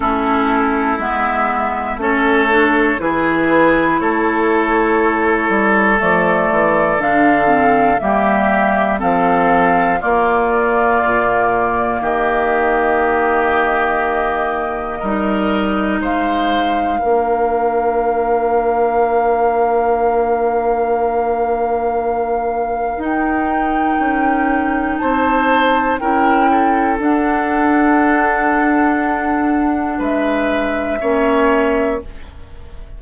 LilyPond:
<<
  \new Staff \with { instrumentName = "flute" } { \time 4/4 \tempo 4 = 60 a'4 e''4 cis''4 b'4 | cis''2 d''4 f''4 | e''4 f''4 d''2 | dis''1 |
f''1~ | f''2. g''4~ | g''4 a''4 g''4 fis''4~ | fis''2 e''2 | }
  \new Staff \with { instrumentName = "oboe" } { \time 4/4 e'2 a'4 gis'4 | a'1 | g'4 a'4 f'2 | g'2. ais'4 |
c''4 ais'2.~ | ais'1~ | ais'4 c''4 ais'8 a'4.~ | a'2 b'4 cis''4 | }
  \new Staff \with { instrumentName = "clarinet" } { \time 4/4 cis'4 b4 cis'8 d'8 e'4~ | e'2 a4 d'8 c'8 | ais4 c'4 ais2~ | ais2. dis'4~ |
dis'4 d'2.~ | d'2. dis'4~ | dis'2 e'4 d'4~ | d'2. cis'4 | }
  \new Staff \with { instrumentName = "bassoon" } { \time 4/4 a4 gis4 a4 e4 | a4. g8 f8 e8 d4 | g4 f4 ais4 ais,4 | dis2. g4 |
gis4 ais2.~ | ais2. dis'4 | cis'4 c'4 cis'4 d'4~ | d'2 gis4 ais4 | }
>>